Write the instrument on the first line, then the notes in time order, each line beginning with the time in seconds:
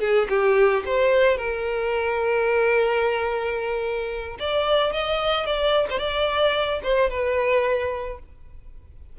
violin
0.00 G#4
0.29 G4
0.86 C5
1.37 A#4
4.39 D5
4.93 D#5
5.46 D5
5.90 C5
5.99 D5
6.83 C5
7.10 B4